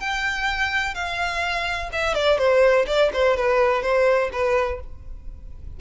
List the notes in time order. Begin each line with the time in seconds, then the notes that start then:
0.00 G5
0.94 F5
1.92 E5
2.14 D5
2.38 C5
2.87 D5
3.13 C5
3.37 B4
3.82 C5
4.32 B4